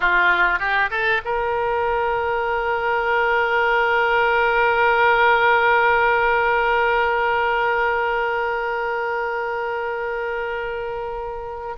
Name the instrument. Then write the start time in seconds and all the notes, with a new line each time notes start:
oboe
0.00 F4
0.59 G4
0.90 A4
1.25 A#4